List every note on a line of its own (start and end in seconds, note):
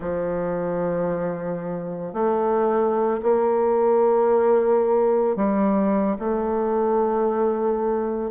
0.00 2.13 F3
2.13 3.20 A3
3.22 5.36 A#3
5.36 6.16 G3
6.19 8.31 A3